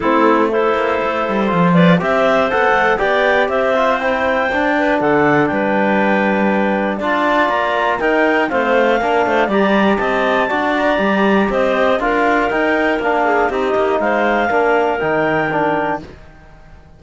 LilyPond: <<
  \new Staff \with { instrumentName = "clarinet" } { \time 4/4 \tempo 4 = 120 a'4 c''2~ c''8 d''8 | e''4 fis''4 g''4 e''4 | g''2 fis''4 g''4~ | g''2 a''4 ais''4 |
g''4 f''2 ais''4 | a''4. ais''4. dis''4 | f''4 g''4 f''4 dis''4 | f''2 g''2 | }
  \new Staff \with { instrumentName = "clarinet" } { \time 4/4 e'4 a'2~ a'8 b'8 | c''2 d''4 c''4~ | c''4. b'8 a'4 b'4~ | b'2 d''2 |
ais'4 c''4 ais'8 c''8 d''4 | dis''4 d''2 c''4 | ais'2~ ais'8 gis'8 g'4 | c''4 ais'2. | }
  \new Staff \with { instrumentName = "trombone" } { \time 4/4 c'4 e'2 f'4 | g'4 a'4 g'4. f'8 | e'4 d'2.~ | d'2 f'2 |
dis'4 c'4 d'4 g'4~ | g'4 fis'4 g'2 | f'4 dis'4 d'4 dis'4~ | dis'4 d'4 dis'4 d'4 | }
  \new Staff \with { instrumentName = "cello" } { \time 4/4 a4. ais8 a8 g8 f4 | c'4 b8 a8 b4 c'4~ | c'4 d'4 d4 g4~ | g2 d'4 ais4 |
dis'4 a4 ais8 a8 g4 | c'4 d'4 g4 c'4 | d'4 dis'4 ais4 c'8 ais8 | gis4 ais4 dis2 | }
>>